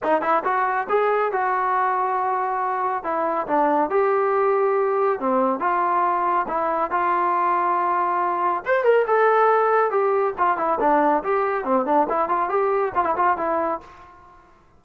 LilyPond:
\new Staff \with { instrumentName = "trombone" } { \time 4/4 \tempo 4 = 139 dis'8 e'8 fis'4 gis'4 fis'4~ | fis'2. e'4 | d'4 g'2. | c'4 f'2 e'4 |
f'1 | c''8 ais'8 a'2 g'4 | f'8 e'8 d'4 g'4 c'8 d'8 | e'8 f'8 g'4 f'16 e'16 f'8 e'4 | }